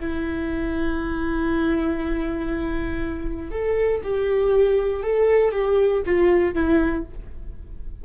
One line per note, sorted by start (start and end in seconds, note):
0.00 3.51 E4
3.51 4.02 A4
4.04 5.03 G4
5.03 5.52 A4
5.52 6.03 G4
6.06 6.55 F4
6.55 7.05 E4